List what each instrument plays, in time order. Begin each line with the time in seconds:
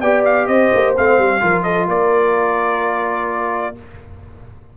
0.00 tuba B3, trombone G4, horn D5, trumpet G5
0.25 trumpet F5
0.46 tuba C4, horn C5, trumpet D#5
0.73 tuba A#3
0.96 tuba A3, trombone C4, trumpet F5
1.18 tuba G3
1.40 tuba F3, trombone F4, horn A#4
1.62 horn A4, trumpet D#5
1.87 tuba A#3, horn A#4, trumpet D5